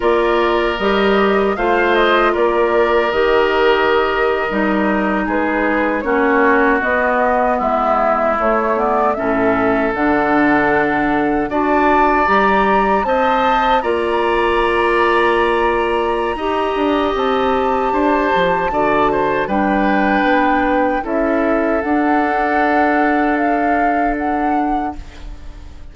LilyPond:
<<
  \new Staff \with { instrumentName = "flute" } { \time 4/4 \tempo 4 = 77 d''4 dis''4 f''8 dis''8 d''4 | dis''2~ dis''8. b'4 cis''16~ | cis''8. dis''4 e''4 cis''8 d''8 e''16~ | e''8. fis''2 a''4 ais''16~ |
ais''8. a''4 ais''2~ ais''16~ | ais''2 a''2~ | a''4 g''2 e''4 | fis''2 f''4 fis''4 | }
  \new Staff \with { instrumentName = "oboe" } { \time 4/4 ais'2 c''4 ais'4~ | ais'2~ ais'8. gis'4 fis'16~ | fis'4.~ fis'16 e'2 a'16~ | a'2~ a'8. d''4~ d''16~ |
d''8. dis''4 d''2~ d''16~ | d''4 dis''2 c''4 | d''8 c''8 b'2 a'4~ | a'1 | }
  \new Staff \with { instrumentName = "clarinet" } { \time 4/4 f'4 g'4 f'2 | g'4.~ g'16 dis'2 cis'16~ | cis'8. b2 a8 b8 cis'16~ | cis'8. d'2 fis'4 g'16~ |
g'8. c''4 f'2~ f'16~ | f'4 g'2. | fis'4 d'2 e'4 | d'1 | }
  \new Staff \with { instrumentName = "bassoon" } { \time 4/4 ais4 g4 a4 ais4 | dis4.~ dis16 g4 gis4 ais16~ | ais8. b4 gis4 a4 a,16~ | a,8. d2 d'4 g16~ |
g8. c'4 ais2~ ais16~ | ais4 dis'8 d'8 c'4 d'8 f8 | d4 g4 b4 cis'4 | d'1 | }
>>